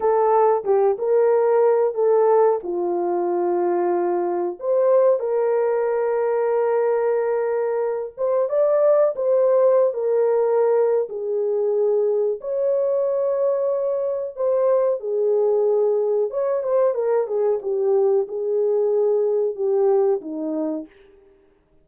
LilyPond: \new Staff \with { instrumentName = "horn" } { \time 4/4 \tempo 4 = 92 a'4 g'8 ais'4. a'4 | f'2. c''4 | ais'1~ | ais'8 c''8 d''4 c''4~ c''16 ais'8.~ |
ais'4 gis'2 cis''4~ | cis''2 c''4 gis'4~ | gis'4 cis''8 c''8 ais'8 gis'8 g'4 | gis'2 g'4 dis'4 | }